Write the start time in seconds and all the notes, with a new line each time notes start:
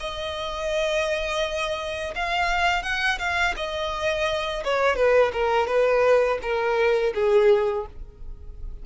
0.00 D#5
2.15 F5
2.83 F#5
3.19 F5
3.56 D#5
4.64 C#5
4.96 B4
5.33 A#4
5.67 B4
6.42 A#4
7.14 G#4